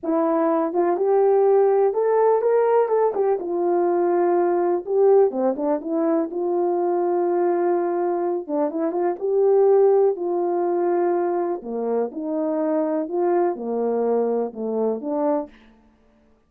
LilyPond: \new Staff \with { instrumentName = "horn" } { \time 4/4 \tempo 4 = 124 e'4. f'8 g'2 | a'4 ais'4 a'8 g'8 f'4~ | f'2 g'4 c'8 d'8 | e'4 f'2.~ |
f'4. d'8 e'8 f'8 g'4~ | g'4 f'2. | ais4 dis'2 f'4 | ais2 a4 d'4 | }